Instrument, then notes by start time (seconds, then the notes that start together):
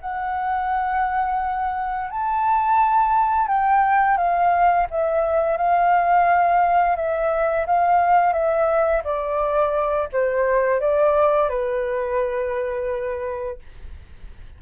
flute
0.00 F#5
2.09 A5
3.47 G5
4.17 F5
4.90 E5
5.57 F5
6.96 E5
7.66 F5
8.32 E5
9.03 D5
10.12 C5
10.80 D5
11.49 B4